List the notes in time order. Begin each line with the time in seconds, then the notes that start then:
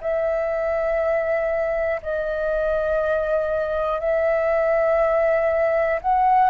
0.00 E5
2.02 D#5
4.00 E5
6.01 F#5